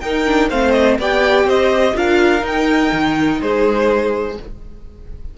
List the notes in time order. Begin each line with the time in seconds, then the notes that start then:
0.00 D#4 A#4 G5
0.26 D4
0.49 A3 C4 C5 F5
0.71 D#5
0.98 B3 G4 D5 G5
1.44 C4 C5 D#5
1.95 D4 F4 A#4 F5
2.40 D#4 G5
2.92 D#3
3.41 G#3 G#4 C5